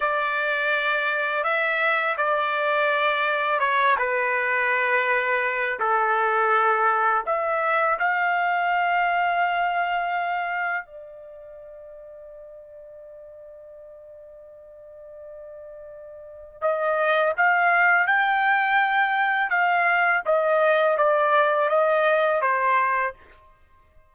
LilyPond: \new Staff \with { instrumentName = "trumpet" } { \time 4/4 \tempo 4 = 83 d''2 e''4 d''4~ | d''4 cis''8 b'2~ b'8 | a'2 e''4 f''4~ | f''2. d''4~ |
d''1~ | d''2. dis''4 | f''4 g''2 f''4 | dis''4 d''4 dis''4 c''4 | }